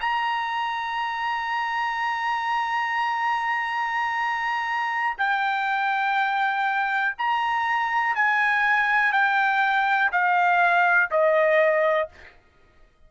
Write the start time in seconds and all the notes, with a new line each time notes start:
0.00 A#5
5.18 G5
7.18 A#5
8.15 G#5
9.12 G5
10.11 F5
11.10 D#5